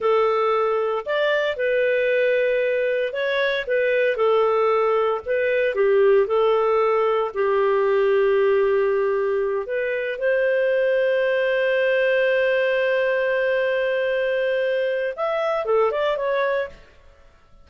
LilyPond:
\new Staff \with { instrumentName = "clarinet" } { \time 4/4 \tempo 4 = 115 a'2 d''4 b'4~ | b'2 cis''4 b'4 | a'2 b'4 g'4 | a'2 g'2~ |
g'2~ g'8 b'4 c''8~ | c''1~ | c''1~ | c''4 e''4 a'8 d''8 cis''4 | }